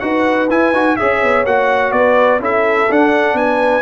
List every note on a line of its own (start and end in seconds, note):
0.00 0.50 D#4
0.00 0.49 F#4
0.00 0.98 B4
0.00 0.48 F#5
0.50 0.72 E4
0.50 0.74 E4
0.50 0.96 G#5
0.72 0.96 D#4
0.72 0.99 F#4
0.96 1.23 C#4
0.96 1.47 G#4
0.96 1.96 C#5
0.96 1.45 E5
1.23 1.46 B3
1.46 1.92 A#3
1.46 2.41 F#4
1.46 1.92 F#5
1.92 2.40 B3
1.92 2.41 B4
1.92 2.40 D5
2.40 2.88 C#4
2.40 2.89 E4
2.40 3.37 A4
2.40 2.92 E5
2.90 3.34 D4
2.90 3.83 D4
2.90 3.37 F#5
3.34 3.82 B3
3.34 3.83 B4
3.34 3.83 G#5